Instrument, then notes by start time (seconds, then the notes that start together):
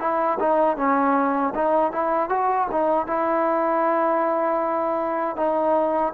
trombone
0.00 E4
0.40 D#4
0.77 C#4
1.55 D#4
1.92 E4
2.29 F#4
2.71 D#4
3.07 E4
5.36 D#4